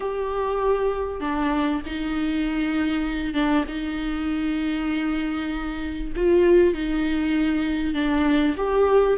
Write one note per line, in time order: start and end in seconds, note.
0.00 1.20 G4
1.20 1.81 D4
1.86 3.33 D#4
3.33 3.64 D4
3.67 6.12 D#4
6.16 6.73 F4
6.73 7.94 D#4
7.94 8.55 D4
8.57 9.17 G4